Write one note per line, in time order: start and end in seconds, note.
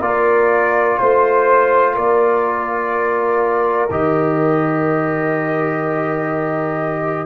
0.00 0.97 A#3
0.00 3.89 F4
0.00 0.99 A#4
0.00 0.98 D5
0.98 1.97 A3
0.98 1.95 C5
1.95 3.90 A#3
1.95 7.26 A#4
1.95 3.90 D5
3.91 7.26 D#3
3.91 7.26 G4
3.91 7.26 D#5